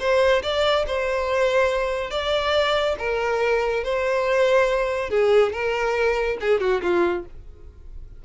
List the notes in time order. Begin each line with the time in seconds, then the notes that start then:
0.00 C5
0.43 D5
0.87 C5
2.11 D5
2.99 A#4
3.84 C5
5.10 G#4
5.53 A#4
6.41 G#4
6.61 F#4
6.83 F4